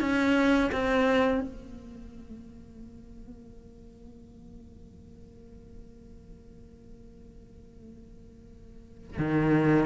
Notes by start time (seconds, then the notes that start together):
0.00 C#4
0.72 C4
1.41 A#3
9.19 D#3